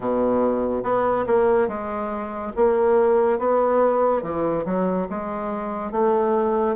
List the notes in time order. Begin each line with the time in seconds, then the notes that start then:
0.00 B2
0.83 B3
1.27 A#3
1.67 G#3
2.55 A#3
3.38 B3
4.22 E3
4.65 F#3
5.09 G#3
5.91 A3